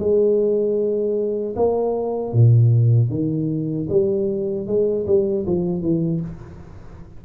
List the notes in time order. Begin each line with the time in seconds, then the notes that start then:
0.00 G#3
1.57 A#3
2.33 A#2
3.10 D#3
3.90 G3
4.67 G#3
5.07 G3
5.47 F3
5.82 E3